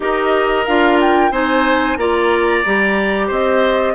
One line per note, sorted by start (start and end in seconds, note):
0.00 0.66 D#4
0.00 0.66 G4
0.00 1.31 A#4
0.00 0.65 D#5
0.65 1.30 D4
0.65 1.31 F4
0.65 0.98 F5
1.00 1.32 G5
1.30 1.96 C4
1.30 1.97 D#4
1.30 1.97 C5
1.30 1.96 G#5
1.96 2.62 A#3
1.96 2.64 F4
1.96 3.27 D5
1.96 3.28 A#5
2.65 3.30 G3
2.65 3.94 G4
3.27 3.94 C4
3.27 3.93 C5
3.27 3.94 D#5